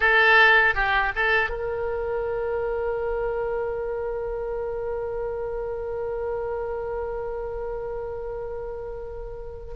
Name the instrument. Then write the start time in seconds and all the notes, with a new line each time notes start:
oboe
0.00 A4
0.75 G4
1.15 A4
1.49 A#4